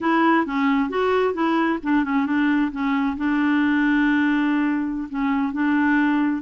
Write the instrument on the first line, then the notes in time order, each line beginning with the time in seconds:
clarinet
0.00 E4
0.46 C#4
0.89 F#4
1.33 E4
1.83 D4
2.04 C#4
2.26 D4
2.71 C#4
3.16 D4
5.09 C#4
5.52 D4